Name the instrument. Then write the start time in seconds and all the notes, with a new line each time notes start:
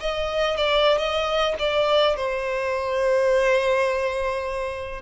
violin
0.00 D#5
0.57 D5
0.98 D#5
1.59 D5
2.16 C5